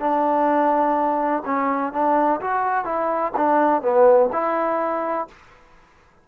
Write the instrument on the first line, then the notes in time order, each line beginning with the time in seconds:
trombone
0.00 D4
1.45 C#4
1.93 D4
2.41 F#4
2.85 E4
3.37 D4
3.82 B3
4.32 E4